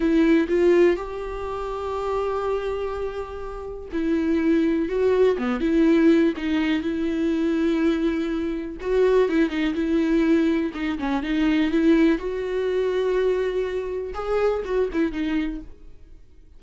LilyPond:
\new Staff \with { instrumentName = "viola" } { \time 4/4 \tempo 4 = 123 e'4 f'4 g'2~ | g'1 | e'2 fis'4 b8 e'8~ | e'4 dis'4 e'2~ |
e'2 fis'4 e'8 dis'8 | e'2 dis'8 cis'8 dis'4 | e'4 fis'2.~ | fis'4 gis'4 fis'8 e'8 dis'4 | }